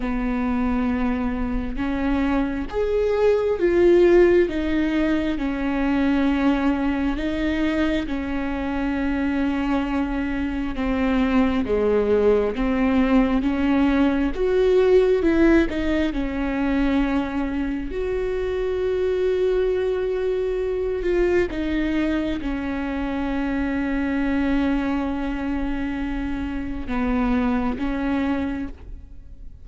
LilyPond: \new Staff \with { instrumentName = "viola" } { \time 4/4 \tempo 4 = 67 b2 cis'4 gis'4 | f'4 dis'4 cis'2 | dis'4 cis'2. | c'4 gis4 c'4 cis'4 |
fis'4 e'8 dis'8 cis'2 | fis'2.~ fis'8 f'8 | dis'4 cis'2.~ | cis'2 b4 cis'4 | }